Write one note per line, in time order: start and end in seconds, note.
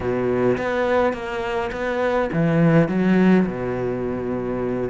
0.00 0.57 B2
0.57 1.12 B3
1.12 1.70 A#3
1.72 2.29 B3
2.32 2.88 E3
2.88 3.46 F#3
3.46 4.90 B2